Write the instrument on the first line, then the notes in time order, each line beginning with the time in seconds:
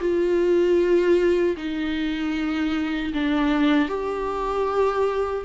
viola
0.00 F4
1.57 D#4
3.14 D4
3.89 G4